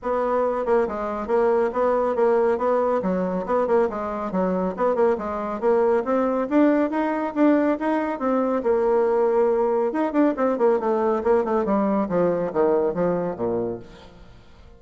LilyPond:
\new Staff \with { instrumentName = "bassoon" } { \time 4/4 \tempo 4 = 139 b4. ais8 gis4 ais4 | b4 ais4 b4 fis4 | b8 ais8 gis4 fis4 b8 ais8 | gis4 ais4 c'4 d'4 |
dis'4 d'4 dis'4 c'4 | ais2. dis'8 d'8 | c'8 ais8 a4 ais8 a8 g4 | f4 dis4 f4 ais,4 | }